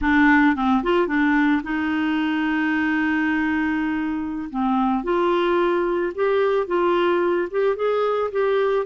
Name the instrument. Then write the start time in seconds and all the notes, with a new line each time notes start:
clarinet
0.01 D4
0.55 C4
0.83 F4
1.07 D4
1.63 D#4
4.50 C4
5.03 F4
6.15 G4
6.66 F4
7.50 G4
7.76 G#4
8.31 G4